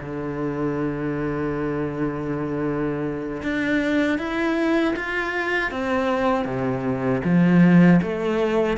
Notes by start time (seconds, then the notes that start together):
0.00 D3
3.42 D4
4.18 E4
4.96 F4
5.71 C4
6.45 C3
7.24 F3
8.02 A3